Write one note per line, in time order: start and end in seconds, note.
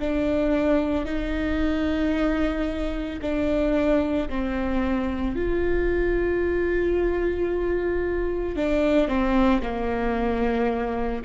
0.00 1.06 D4
1.06 3.20 D#4
3.22 4.29 D4
4.29 5.36 C4
5.36 8.57 F4
8.57 9.08 D4
9.08 9.62 C4
9.62 11.23 A#3